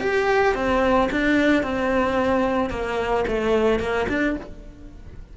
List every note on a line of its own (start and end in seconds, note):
0.00 0.55 G4
0.55 1.09 C4
1.11 1.63 D4
1.63 2.70 C4
2.70 3.25 A#3
3.28 3.79 A3
3.79 4.07 A#3
4.08 4.36 D4